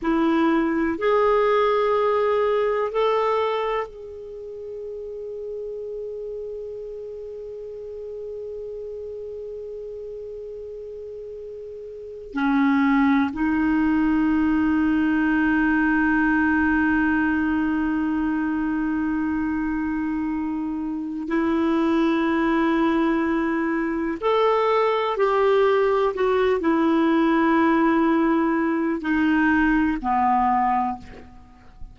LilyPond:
\new Staff \with { instrumentName = "clarinet" } { \time 4/4 \tempo 4 = 62 e'4 gis'2 a'4 | gis'1~ | gis'1~ | gis'8. cis'4 dis'2~ dis'16~ |
dis'1~ | dis'2 e'2~ | e'4 a'4 g'4 fis'8 e'8~ | e'2 dis'4 b4 | }